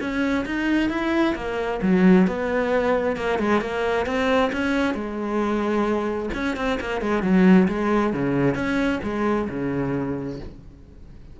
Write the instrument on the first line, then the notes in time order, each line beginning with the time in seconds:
cello
0.00 C#4
0.45 D#4
0.89 E4
1.35 A#3
1.82 F#3
2.27 B3
3.16 A#3
3.39 G#3
3.61 A#3
4.06 C4
4.52 C#4
4.94 G#3
6.34 C#4
6.56 C4
6.80 A#3
7.01 G#3
7.22 F#3
7.68 G#3
8.13 C#3
8.54 C#4
9.03 G#3
9.49 C#3